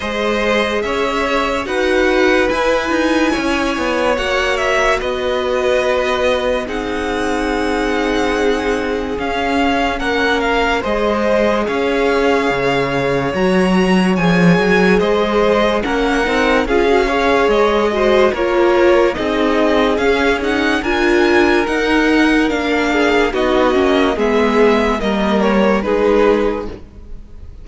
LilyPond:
<<
  \new Staff \with { instrumentName = "violin" } { \time 4/4 \tempo 4 = 72 dis''4 e''4 fis''4 gis''4~ | gis''4 fis''8 e''8 dis''2 | fis''2. f''4 | fis''8 f''8 dis''4 f''2 |
ais''4 gis''4 dis''4 fis''4 | f''4 dis''4 cis''4 dis''4 | f''8 fis''8 gis''4 fis''4 f''4 | dis''4 e''4 dis''8 cis''8 b'4 | }
  \new Staff \with { instrumentName = "violin" } { \time 4/4 c''4 cis''4 b'2 | cis''2 b'2 | gis'1 | ais'4 c''4 cis''2~ |
cis''2 c''4 ais'4 | gis'8 cis''4 c''8 ais'4 gis'4~ | gis'4 ais'2~ ais'8 gis'8 | fis'4 gis'4 ais'4 gis'4 | }
  \new Staff \with { instrumentName = "viola" } { \time 4/4 gis'2 fis'4 e'4~ | e'4 fis'2. | dis'2. cis'4~ | cis'4 gis'2. |
fis'4 gis'2 cis'8 dis'8 | f'16 fis'16 gis'4 fis'8 f'4 dis'4 | cis'8 dis'8 f'4 dis'4 d'4 | dis'8 cis'8 b4 ais4 dis'4 | }
  \new Staff \with { instrumentName = "cello" } { \time 4/4 gis4 cis'4 dis'4 e'8 dis'8 | cis'8 b8 ais4 b2 | c'2. cis'4 | ais4 gis4 cis'4 cis4 |
fis4 f8 fis8 gis4 ais8 c'8 | cis'4 gis4 ais4 c'4 | cis'4 d'4 dis'4 ais4 | b8 ais8 gis4 g4 gis4 | }
>>